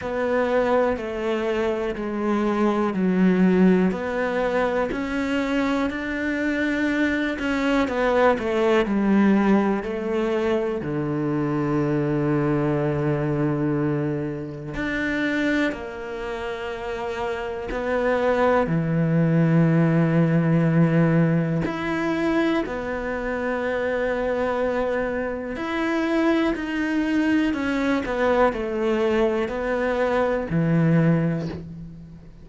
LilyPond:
\new Staff \with { instrumentName = "cello" } { \time 4/4 \tempo 4 = 61 b4 a4 gis4 fis4 | b4 cis'4 d'4. cis'8 | b8 a8 g4 a4 d4~ | d2. d'4 |
ais2 b4 e4~ | e2 e'4 b4~ | b2 e'4 dis'4 | cis'8 b8 a4 b4 e4 | }